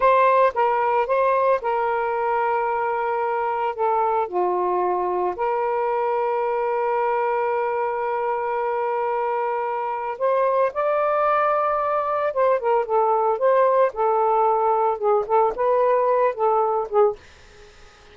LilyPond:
\new Staff \with { instrumentName = "saxophone" } { \time 4/4 \tempo 4 = 112 c''4 ais'4 c''4 ais'4~ | ais'2. a'4 | f'2 ais'2~ | ais'1~ |
ais'2. c''4 | d''2. c''8 ais'8 | a'4 c''4 a'2 | gis'8 a'8 b'4. a'4 gis'8 | }